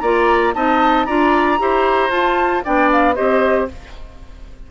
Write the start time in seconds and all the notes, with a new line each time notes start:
0.00 A#3 F4 D5 A#5
0.54 C4 D#4 D#5 A5
1.05 D4 F4 D5 A#5
1.58 E4 G4 C5
2.10 F4 A5
2.64 B3 D4 D5 G5
2.92 F5
3.15 C4 G4 C5 D#5